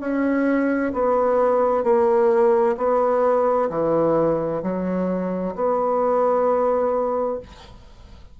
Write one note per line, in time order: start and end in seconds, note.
0.00 0.92 C#4
0.93 1.83 B3
1.83 2.76 A#3
2.77 3.69 B3
3.70 4.62 E3
4.62 5.55 F#3
5.55 7.40 B3